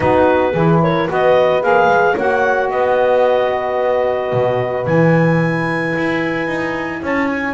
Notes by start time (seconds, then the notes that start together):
0.00 B3 D#4 F#4 B4
0.52 E3 E4 G#4
0.82 A#4 C#5
1.08 B3 F#4 B4 D#5
1.61 A#3 G#4 F5
1.87 G#3
2.15 A#3 F#4 C#5 F#5
2.69 B3 B4 D#5
4.32 B2
4.86 E3 E4 G#5
5.97 E4
6.47 D#4
7.01 C#4 C#5 A5
7.27 G#5